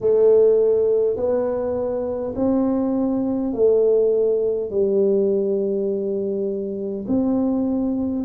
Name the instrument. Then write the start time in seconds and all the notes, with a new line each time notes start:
tuba
0.01 A3
1.16 B3
2.35 C4
3.53 A3
4.70 G3
7.07 C4